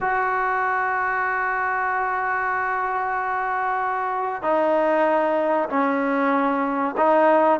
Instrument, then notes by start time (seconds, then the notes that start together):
trombone
0.01 F#4
4.42 D#4
5.69 C#4
6.97 D#4